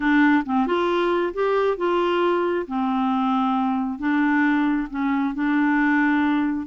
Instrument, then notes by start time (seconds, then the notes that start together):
clarinet
0.00 D4
0.45 C4
0.66 F4
1.33 G4
1.77 F4
2.67 C4
3.99 D4
4.90 C#4
5.34 D4